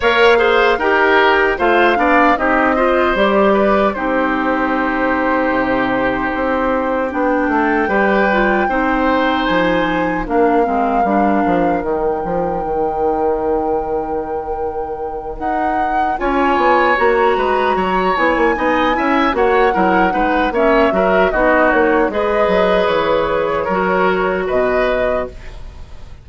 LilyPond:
<<
  \new Staff \with { instrumentName = "flute" } { \time 4/4 \tempo 4 = 76 f''4 g''4 f''4 dis''4 | d''4 c''2.~ | c''4 g''2. | gis''4 f''2 g''4~ |
g''2.~ g''8 fis''8~ | fis''8 gis''4 ais''4. gis''4~ | gis''8 fis''4. e''4 dis''8 cis''8 | dis''4 cis''2 dis''4 | }
  \new Staff \with { instrumentName = "oboe" } { \time 4/4 cis''8 c''8 ais'4 c''8 d''8 g'8 c''8~ | c''8 b'8 g'2.~ | g'4. a'8 b'4 c''4~ | c''4 ais'2.~ |
ais'1~ | ais'8 cis''4. b'8 cis''4 dis''8 | e''8 cis''8 ais'8 b'8 cis''8 ais'8 fis'4 | b'2 ais'4 b'4 | }
  \new Staff \with { instrumentName = "clarinet" } { \time 4/4 ais'8 gis'8 g'4 f'8 d'8 dis'8 f'8 | g'4 dis'2.~ | dis'4 d'4 g'8 f'8 dis'4~ | dis'4 d'8 c'8 d'4 dis'4~ |
dis'1~ | dis'8 f'4 fis'4. e'8 dis'8 | e'8 fis'8 e'8 dis'8 cis'8 fis'8 dis'4 | gis'2 fis'2 | }
  \new Staff \with { instrumentName = "bassoon" } { \time 4/4 ais4 dis'4 a8 b8 c'4 | g4 c'2 c4 | c'4 b8 a8 g4 c'4 | f4 ais8 gis8 g8 f8 dis8 f8 |
dis2.~ dis8 dis'8~ | dis'8 cis'8 b8 ais8 gis8 fis8 b16 ais16 b8 | cis'8 ais8 fis8 gis8 ais8 fis8 b8 ais8 | gis8 fis8 e4 fis4 b,4 | }
>>